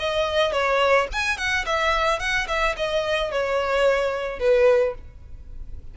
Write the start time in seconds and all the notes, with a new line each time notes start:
0.00 D#5
0.53 C#5
1.13 G#5
1.38 F#5
1.67 E5
2.20 F#5
2.48 E5
2.77 D#5
3.32 C#5
4.40 B4